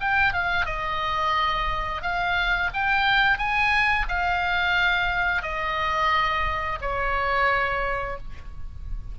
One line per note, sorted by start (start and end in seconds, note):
0.00 0.33 G5
0.33 0.66 F5
0.66 2.02 D#5
2.02 2.70 F5
2.73 3.38 G5
3.38 4.06 G#5
4.08 5.42 F5
5.42 6.79 D#5
6.81 8.17 C#5